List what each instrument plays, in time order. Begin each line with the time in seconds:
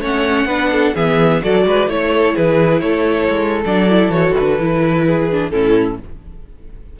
0.00 cello A3, viola C#4, violin C#5 F#5
0.45 cello B3, viola D4, violin B4
0.72 violin A4
0.95 cello E3, viola B3, violin G#4 E5
1.41 cello F#3, viola F#4, violin A4 D5
1.66 cello G#3, violin B4
1.87 cello A3, viola E4, violin C#5
2.13 violin A4
2.35 cello E3, violin G#4 B4
2.80 cello A3, violin A4 C#5
3.29 cello G#3
3.65 cello F#3, viola D4, violin D5
3.89 viola E4
4.09 cello E3, viola F#4, violin C#5
4.37 cello D3, violin B4
4.59 cello E3, viola E4
5.05 violin G#4
5.31 viola D4
5.49 cello A2, viola C#4, violin E4 A4